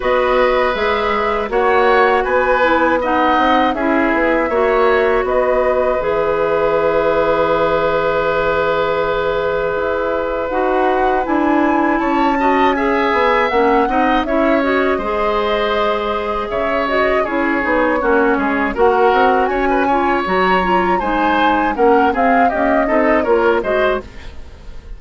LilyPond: <<
  \new Staff \with { instrumentName = "flute" } { \time 4/4 \tempo 4 = 80 dis''4 e''4 fis''4 gis''4 | fis''4 e''2 dis''4 | e''1~ | e''2 fis''4 gis''4 |
a''4 gis''4 fis''4 e''8 dis''8~ | dis''2 e''8 dis''8 cis''4~ | cis''4 fis''4 gis''4 ais''4 | gis''4 fis''8 f''8 dis''4 cis''8 dis''8 | }
  \new Staff \with { instrumentName = "oboe" } { \time 4/4 b'2 cis''4 b'4 | dis''4 gis'4 cis''4 b'4~ | b'1~ | b'1 |
cis''8 dis''8 e''4. dis''8 cis''4 | c''2 cis''4 gis'4 | fis'8 gis'8 ais'4 cis''16 b'16 cis''4. | c''4 ais'8 gis'8 g'8 a'8 ais'8 c''8 | }
  \new Staff \with { instrumentName = "clarinet" } { \time 4/4 fis'4 gis'4 fis'4. e'8 | dis'4 e'4 fis'2 | gis'1~ | gis'2 fis'4 e'4~ |
e'8 fis'8 gis'4 cis'8 dis'8 e'8 fis'8 | gis'2~ gis'8 fis'8 e'8 dis'8 | cis'4 fis'4. f'8 fis'8 f'8 | dis'4 cis'8 c'8 ais8 dis'8 f'8 fis'8 | }
  \new Staff \with { instrumentName = "bassoon" } { \time 4/4 b4 gis4 ais4 b4~ | b8 c'8 cis'8 b8 ais4 b4 | e1~ | e4 e'4 dis'4 d'4 |
cis'4. b8 ais8 c'8 cis'4 | gis2 cis4 cis'8 b8 | ais8 gis8 ais8 c'8 cis'4 fis4 | gis4 ais8 c'8 cis'8 c'8 ais8 gis8 | }
>>